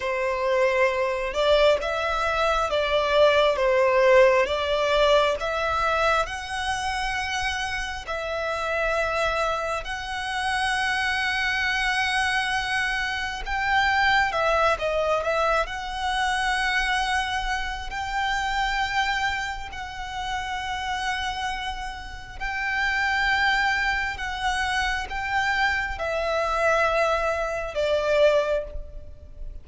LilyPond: \new Staff \with { instrumentName = "violin" } { \time 4/4 \tempo 4 = 67 c''4. d''8 e''4 d''4 | c''4 d''4 e''4 fis''4~ | fis''4 e''2 fis''4~ | fis''2. g''4 |
e''8 dis''8 e''8 fis''2~ fis''8 | g''2 fis''2~ | fis''4 g''2 fis''4 | g''4 e''2 d''4 | }